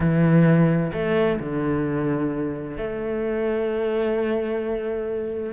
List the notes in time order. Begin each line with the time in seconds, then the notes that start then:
0.00 E3
0.93 A3
1.39 D3
2.77 A3